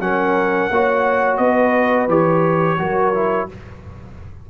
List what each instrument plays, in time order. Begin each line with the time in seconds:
0.00 tuba F#3, trombone C#4, horn A#4, trumpet F#5
0.70 tuba A#3, trombone F#4, horn C#5
1.37 tuba B3, horn B4, trumpet D#5
2.08 tuba E3, trombone G4, trumpet C#5
2.78 tuba F#3, trombone F#4, horn A#4
3.14 trombone E4